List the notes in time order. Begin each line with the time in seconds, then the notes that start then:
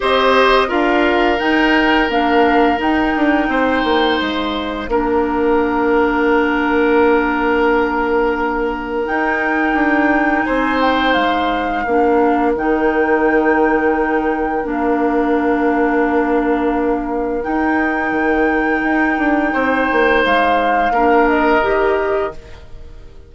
0.00 C4 G4 C5 D#5
0.67 D4 F4 A#4 F5
1.38 D#4 G5
2.09 A#3 D4 F5
2.77 D#4 G5
3.16 D4
3.48 C4 C5
3.84 A#3
4.19 G#3 F5
4.88 A#3 D4 A#4
9.05 D#4 G5
9.73 D4
10.44 C4 C5 G#5
10.80 G5
11.13 G#3 F5
11.83 A#3 D4 A#4
12.55 D#3 D#4 G5
14.62 A#3 D4 F5
17.42 D#4 G5
18.11 D#3
18.83 D#4
19.18 D4
19.53 C4 C5
19.91 A#3
20.24 G#3 F5
20.90 A#3 D4 A#4
21.28 D#5
21.61 D#3 G4